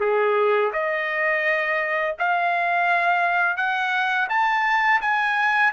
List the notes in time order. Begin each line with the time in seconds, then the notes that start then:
0.00 G#4
0.73 D#5
2.19 F5
3.57 F#5
4.30 A5
5.02 G#5